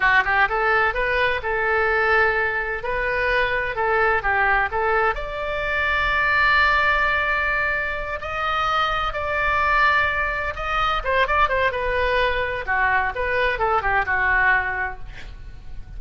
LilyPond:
\new Staff \with { instrumentName = "oboe" } { \time 4/4 \tempo 4 = 128 fis'8 g'8 a'4 b'4 a'4~ | a'2 b'2 | a'4 g'4 a'4 d''4~ | d''1~ |
d''4. dis''2 d''8~ | d''2~ d''8 dis''4 c''8 | d''8 c''8 b'2 fis'4 | b'4 a'8 g'8 fis'2 | }